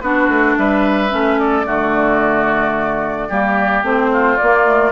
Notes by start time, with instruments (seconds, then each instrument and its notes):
0.00 bassoon B3, clarinet D4, oboe F#4, flute B4
0.28 bassoon A3
0.57 bassoon G3, oboe B4, flute E5
1.09 bassoon A3, clarinet C#4
1.38 oboe A4, flute D5
1.65 bassoon D3, clarinet A3, oboe F#4
3.28 bassoon G3, clarinet A#3, oboe G4
3.83 bassoon A3, clarinet C4, flute C5
4.12 oboe F4
4.36 clarinet A#3, bassoon A#3, flute D5
4.65 clarinet A3